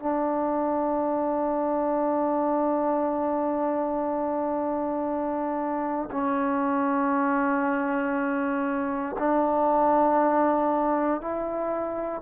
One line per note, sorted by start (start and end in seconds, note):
0.00 6.10 D4
6.12 9.17 C#4
9.19 11.21 D4
11.21 12.22 E4